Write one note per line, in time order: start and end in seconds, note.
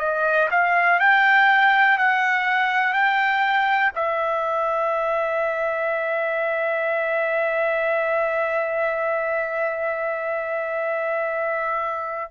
0.00 0.49 D#5
0.51 1.00 F5
1.00 1.99 G5
1.99 2.94 F#5
2.94 3.92 G5
3.96 12.32 E5